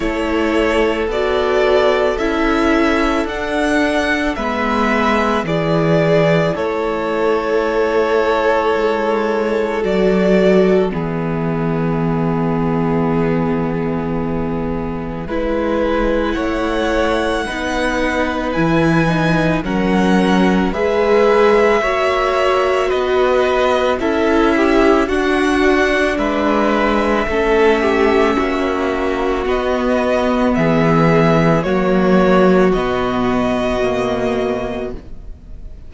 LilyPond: <<
  \new Staff \with { instrumentName = "violin" } { \time 4/4 \tempo 4 = 55 cis''4 d''4 e''4 fis''4 | e''4 d''4 cis''2~ | cis''4 d''4 e''2~ | e''2. fis''4~ |
fis''4 gis''4 fis''4 e''4~ | e''4 dis''4 e''4 fis''4 | e''2. dis''4 | e''4 cis''4 dis''2 | }
  \new Staff \with { instrumentName = "violin" } { \time 4/4 a'1 | b'4 gis'4 a'2~ | a'2 gis'2~ | gis'2 b'4 cis''4 |
b'2 ais'4 b'4 | cis''4 b'4 a'8 g'8 fis'4 | b'4 a'8 g'8 fis'2 | gis'4 fis'2. | }
  \new Staff \with { instrumentName = "viola" } { \time 4/4 e'4 fis'4 e'4 d'4 | b4 e'2.~ | e'4 fis'4 b2~ | b2 e'2 |
dis'4 e'8 dis'8 cis'4 gis'4 | fis'2 e'4 d'4~ | d'4 cis'2 b4~ | b4 ais4 b4 ais4 | }
  \new Staff \with { instrumentName = "cello" } { \time 4/4 a4 b4 cis'4 d'4 | gis4 e4 a2 | gis4 fis4 e2~ | e2 gis4 a4 |
b4 e4 fis4 gis4 | ais4 b4 cis'4 d'4 | gis4 a4 ais4 b4 | e4 fis4 b,2 | }
>>